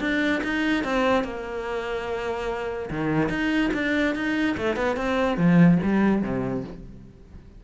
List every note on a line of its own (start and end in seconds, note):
0.00 0.41 D4
0.43 0.84 D#4
0.84 1.24 C4
1.24 2.90 A#3
2.90 3.29 D#3
3.29 3.71 D#4
3.74 4.15 D4
4.15 4.56 D#4
4.57 4.76 A3
4.76 4.97 B3
4.97 5.37 C4
5.37 5.78 F3
5.83 6.22 G3
6.22 6.64 C3